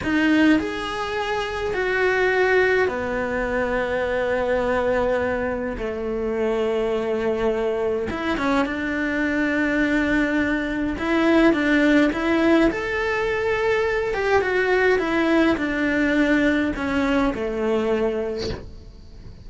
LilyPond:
\new Staff \with { instrumentName = "cello" } { \time 4/4 \tempo 4 = 104 dis'4 gis'2 fis'4~ | fis'4 b2.~ | b2 a2~ | a2 e'8 cis'8 d'4~ |
d'2. e'4 | d'4 e'4 a'2~ | a'8 g'8 fis'4 e'4 d'4~ | d'4 cis'4 a2 | }